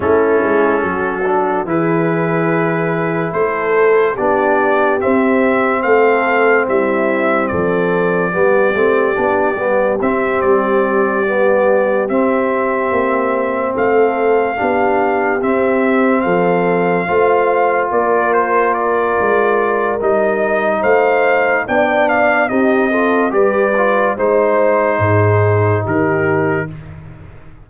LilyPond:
<<
  \new Staff \with { instrumentName = "trumpet" } { \time 4/4 \tempo 4 = 72 a'2 b'2 | c''4 d''4 e''4 f''4 | e''4 d''2. | e''8 d''2 e''4.~ |
e''8 f''2 e''4 f''8~ | f''4. d''8 c''8 d''4. | dis''4 f''4 g''8 f''8 dis''4 | d''4 c''2 ais'4 | }
  \new Staff \with { instrumentName = "horn" } { \time 4/4 e'4 fis'4 gis'2 | a'4 g'2 a'4 | e'4 a'4 g'2~ | g'1~ |
g'8 a'4 g'2 a'8~ | a'8 c''4 ais'2~ ais'8~ | ais'4 c''4 d''4 g'8 a'8 | b'4 c''4 gis'4 g'4 | }
  \new Staff \with { instrumentName = "trombone" } { \time 4/4 cis'4. d'8 e'2~ | e'4 d'4 c'2~ | c'2 b8 c'8 d'8 b8 | c'4. b4 c'4.~ |
c'4. d'4 c'4.~ | c'8 f'2.~ f'8 | dis'2 d'4 dis'8 f'8 | g'8 f'8 dis'2. | }
  \new Staff \with { instrumentName = "tuba" } { \time 4/4 a8 gis8 fis4 e2 | a4 b4 c'4 a4 | g4 f4 g8 a8 b8 g8 | c'8 g2 c'4 ais8~ |
ais8 a4 b4 c'4 f8~ | f8 a4 ais4. gis4 | g4 a4 b4 c'4 | g4 gis4 gis,4 dis4 | }
>>